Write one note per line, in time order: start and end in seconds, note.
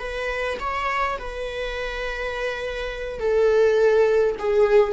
0.00 0.58 B4
0.60 1.19 C#5
1.19 3.20 B4
3.20 4.36 A4
4.39 4.93 G#4